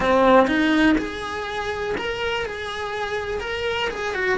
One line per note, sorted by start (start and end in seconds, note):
0.00 0.47 C4
0.47 0.96 D#4
0.98 1.95 G#4
1.97 2.45 A#4
2.45 3.40 G#4
3.40 3.89 A#4
3.90 4.14 G#4
4.14 4.38 F#4